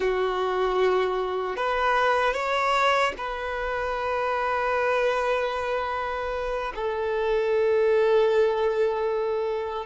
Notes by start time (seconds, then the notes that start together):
0.00 F#4
1.56 B4
2.33 C#5
3.17 B4
6.75 A4